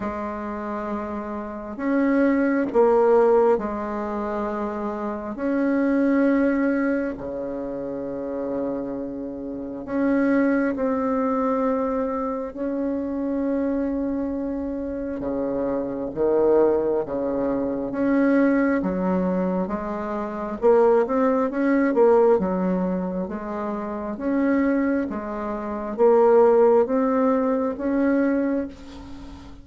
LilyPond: \new Staff \with { instrumentName = "bassoon" } { \time 4/4 \tempo 4 = 67 gis2 cis'4 ais4 | gis2 cis'2 | cis2. cis'4 | c'2 cis'2~ |
cis'4 cis4 dis4 cis4 | cis'4 fis4 gis4 ais8 c'8 | cis'8 ais8 fis4 gis4 cis'4 | gis4 ais4 c'4 cis'4 | }